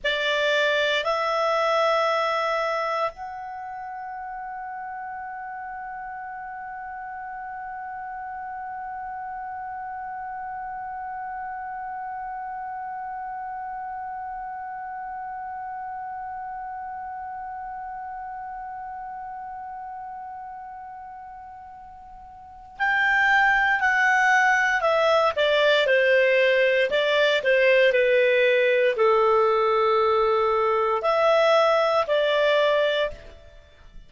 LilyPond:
\new Staff \with { instrumentName = "clarinet" } { \time 4/4 \tempo 4 = 58 d''4 e''2 fis''4~ | fis''1~ | fis''1~ | fis''1~ |
fis''1~ | fis''2 g''4 fis''4 | e''8 d''8 c''4 d''8 c''8 b'4 | a'2 e''4 d''4 | }